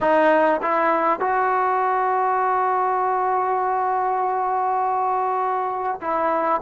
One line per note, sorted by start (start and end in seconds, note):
0.00 0.60 D#4
0.62 1.20 E4
1.20 6.00 F#4
6.01 6.61 E4